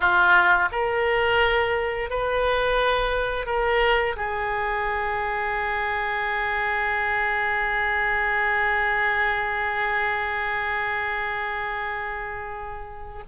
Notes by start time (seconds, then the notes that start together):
0.00 F4
0.71 A#4
2.10 B4
3.46 A#4
4.16 G#4